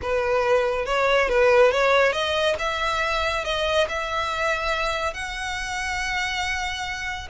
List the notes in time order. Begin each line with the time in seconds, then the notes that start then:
0.02 B4
0.85 C#5
1.28 B4
1.71 C#5
2.12 D#5
2.58 E5
3.44 D#5
3.88 E5
5.13 F#5